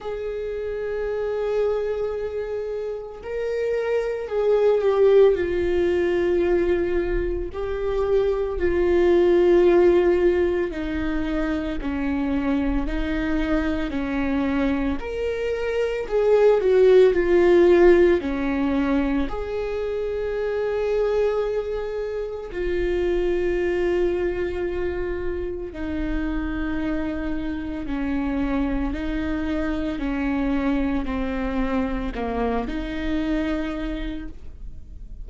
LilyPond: \new Staff \with { instrumentName = "viola" } { \time 4/4 \tempo 4 = 56 gis'2. ais'4 | gis'8 g'8 f'2 g'4 | f'2 dis'4 cis'4 | dis'4 cis'4 ais'4 gis'8 fis'8 |
f'4 cis'4 gis'2~ | gis'4 f'2. | dis'2 cis'4 dis'4 | cis'4 c'4 ais8 dis'4. | }